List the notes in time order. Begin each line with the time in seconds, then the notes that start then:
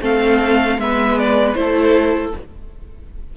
0.00 A3 C4 A4 F5
0.77 G#3 B3 B4 E5
1.18 D5
1.54 A3 E4 A4 C5